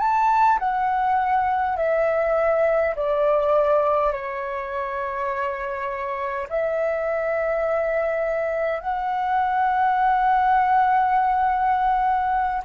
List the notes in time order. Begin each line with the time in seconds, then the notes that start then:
0.00 A5
0.59 F#5
1.77 E5
2.96 D5
4.12 C#5
6.50 E5
8.80 F#5